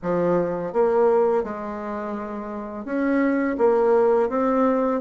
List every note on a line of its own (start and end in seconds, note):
0.02 0.72 F3
0.72 1.43 A#3
1.43 2.85 G#3
2.85 3.56 C#4
3.57 4.29 A#3
4.29 5.00 C4